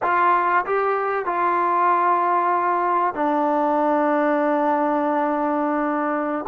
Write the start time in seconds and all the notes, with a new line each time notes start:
0.02 F4
0.65 G4
1.25 F4
3.14 D4